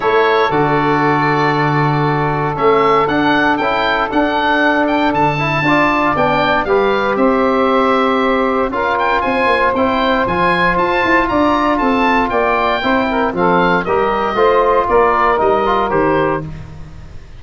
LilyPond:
<<
  \new Staff \with { instrumentName = "oboe" } { \time 4/4 \tempo 4 = 117 cis''4 d''2.~ | d''4 e''4 fis''4 g''4 | fis''4. g''8 a''2 | g''4 f''4 e''2~ |
e''4 f''8 g''8 gis''4 g''4 | gis''4 a''4 ais''4 a''4 | g''2 f''4 dis''4~ | dis''4 d''4 dis''4 c''4 | }
  \new Staff \with { instrumentName = "saxophone" } { \time 4/4 a'1~ | a'1~ | a'2. d''4~ | d''4 b'4 c''2~ |
c''4 ais'4 c''2~ | c''2 d''4 a'4 | d''4 c''8 ais'8 a'4 ais'4 | c''4 ais'2. | }
  \new Staff \with { instrumentName = "trombone" } { \time 4/4 e'4 fis'2.~ | fis'4 cis'4 d'4 e'4 | d'2~ d'8 e'8 f'4 | d'4 g'2.~ |
g'4 f'2 e'4 | f'1~ | f'4 e'4 c'4 g'4 | f'2 dis'8 f'8 g'4 | }
  \new Staff \with { instrumentName = "tuba" } { \time 4/4 a4 d2.~ | d4 a4 d'4 cis'4 | d'2 d4 d'4 | b4 g4 c'2~ |
c'4 cis'4 c'8 ais8 c'4 | f4 f'8 e'8 d'4 c'4 | ais4 c'4 f4 g4 | a4 ais4 g4 dis4 | }
>>